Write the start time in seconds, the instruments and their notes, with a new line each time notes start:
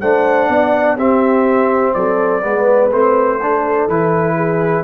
0.00 tuba A3, trombone D4, horn C5, trumpet F#5
0.49 tuba B3, horn D5
0.96 tuba C4, trombone C4, horn G4, trumpet E5
1.93 tuba F#3, horn A4, trumpet D5
2.42 tuba G#3, trombone B3, horn B4
2.91 tuba A3, trombone C4, trumpet C5
3.41 trombone D4, horn A4
3.88 tuba E3, trombone E4, trumpet B4
4.35 horn G#4